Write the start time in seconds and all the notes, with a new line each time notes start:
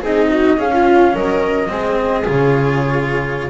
0.00 C4 D#4 G#4 D#5
0.30 F#4
0.57 C#4 G#4 F5
0.73 F4
1.14 F#3 A#4 D#5
1.68 G#3 C4 G#4
2.24 C#3 F4 C#5